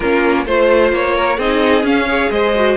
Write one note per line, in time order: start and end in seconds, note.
0.00 0.46 A#3
0.00 0.46 C#4
0.00 0.45 F4
0.00 0.45 A#4
0.46 0.91 A3
0.46 1.38 F4
0.46 0.92 C5
0.46 1.14 C5
0.91 1.38 A#3
0.91 1.39 C#5
1.14 1.37 A#4
1.37 1.83 C4
1.37 1.83 D#4
1.37 2.06 G#4
1.37 1.85 D#5
1.83 2.29 C#4
1.83 2.06 C#4
1.83 2.31 F5
2.07 2.54 G#4
2.07 2.30 C#5
2.30 2.76 G#3
2.30 2.77 C5
2.30 2.77 D#5
2.55 2.77 F#4